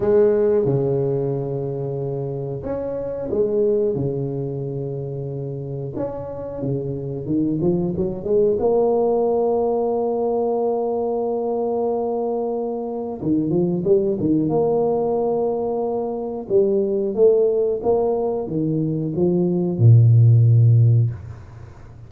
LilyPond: \new Staff \with { instrumentName = "tuba" } { \time 4/4 \tempo 4 = 91 gis4 cis2. | cis'4 gis4 cis2~ | cis4 cis'4 cis4 dis8 f8 | fis8 gis8 ais2.~ |
ais1 | dis8 f8 g8 dis8 ais2~ | ais4 g4 a4 ais4 | dis4 f4 ais,2 | }